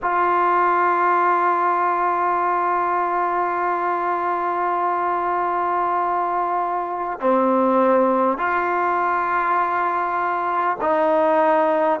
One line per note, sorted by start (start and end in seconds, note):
0.02 7.20 F4
7.20 8.37 C4
8.37 10.77 F4
10.81 12.00 D#4